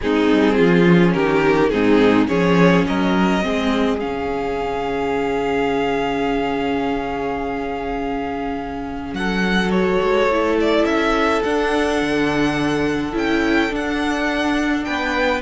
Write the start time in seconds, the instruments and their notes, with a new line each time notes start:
0.01 cello G#3, viola C4, violin D#4 G#4
0.31 cello G3
0.56 cello F3, violin F4
0.84 viola C#4
1.13 cello D#3, violin G4 A#4
1.69 cello G#2, viola C4, violin D#4 G#4
2.27 cello F3, viola C#4, violin G#4 C#5
2.86 cello F#3, violin A#4 D#5
3.42 cello G#3, viola C4, violin G#4
3.99 cello C#3, viola C#4, violin F5
9.12 cello F#3, violin A4 F#5
9.70 viola F#4, violin C#5
10.02 cello G#3
10.26 cello A3, viola E4
10.60 violin D5
10.83 cello C#4, violin E5
11.42 viola D4, cello D4, violin F#5
12.01 cello D3
13.12 cello C#4, viola E4, violin G5
13.69 viola D4, cello D4, violin F#5
14.84 cello B3, violin B4 G5